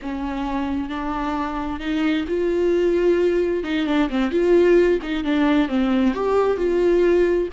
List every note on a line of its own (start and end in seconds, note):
0.01 0.89 C#4
0.89 1.80 D4
1.80 2.25 D#4
2.27 3.63 F4
3.63 3.86 D#4
3.86 4.09 D4
4.09 4.31 C4
4.31 4.99 F4
5.02 5.24 D#4
5.24 5.68 D4
5.68 6.13 C4
6.14 6.57 G4
6.57 7.48 F4